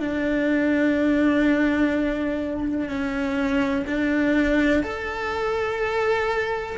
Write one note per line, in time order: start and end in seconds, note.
0.00 2.89 D4
2.89 3.86 C#4
3.87 4.83 D4
4.83 6.77 A4